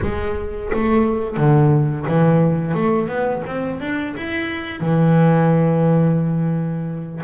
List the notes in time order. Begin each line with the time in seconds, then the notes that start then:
0.02 G#3
0.73 A3
1.36 D3
2.08 E3
2.74 A3
3.08 B3
3.46 C4
3.80 D4
4.16 E4
4.80 E3